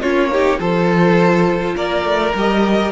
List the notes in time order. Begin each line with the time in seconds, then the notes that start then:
0.00 A#3 C#4 F4 C#5
0.31 D#4 G4
0.58 F3 F4 A4 C5
1.75 A#3 A#4 D5
2.04 A3
2.34 G3 G4 D#5